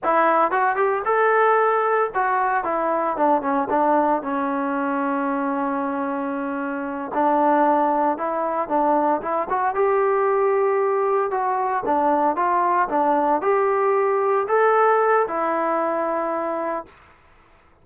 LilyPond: \new Staff \with { instrumentName = "trombone" } { \time 4/4 \tempo 4 = 114 e'4 fis'8 g'8 a'2 | fis'4 e'4 d'8 cis'8 d'4 | cis'1~ | cis'4. d'2 e'8~ |
e'8 d'4 e'8 fis'8 g'4.~ | g'4. fis'4 d'4 f'8~ | f'8 d'4 g'2 a'8~ | a'4 e'2. | }